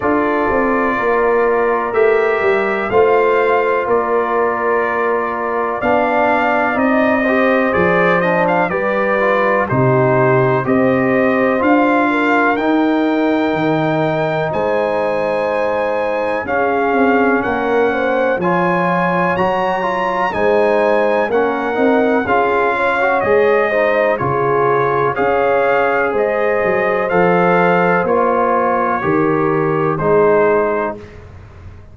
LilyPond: <<
  \new Staff \with { instrumentName = "trumpet" } { \time 4/4 \tempo 4 = 62 d''2 e''4 f''4 | d''2 f''4 dis''4 | d''8 dis''16 f''16 d''4 c''4 dis''4 | f''4 g''2 gis''4~ |
gis''4 f''4 fis''4 gis''4 | ais''4 gis''4 fis''4 f''4 | dis''4 cis''4 f''4 dis''4 | f''4 cis''2 c''4 | }
  \new Staff \with { instrumentName = "horn" } { \time 4/4 a'4 ais'2 c''4 | ais'2 d''4. c''8~ | c''4 b'4 g'4 c''4~ | c''8 ais'2~ ais'8 c''4~ |
c''4 gis'4 ais'8 c''8 cis''4~ | cis''4 c''4 ais'4 gis'8 cis''8~ | cis''8 c''8 gis'4 cis''4 c''4~ | c''2 ais'4 gis'4 | }
  \new Staff \with { instrumentName = "trombone" } { \time 4/4 f'2 g'4 f'4~ | f'2 d'4 dis'8 g'8 | gis'8 d'8 g'8 f'8 dis'4 g'4 | f'4 dis'2.~ |
dis'4 cis'2 f'4 | fis'8 f'8 dis'4 cis'8 dis'8 f'8. fis'16 | gis'8 dis'8 f'4 gis'2 | a'4 f'4 g'4 dis'4 | }
  \new Staff \with { instrumentName = "tuba" } { \time 4/4 d'8 c'8 ais4 a8 g8 a4 | ais2 b4 c'4 | f4 g4 c4 c'4 | d'4 dis'4 dis4 gis4~ |
gis4 cis'8 c'8 ais4 f4 | fis4 gis4 ais8 c'8 cis'4 | gis4 cis4 cis'4 gis8 fis8 | f4 ais4 dis4 gis4 | }
>>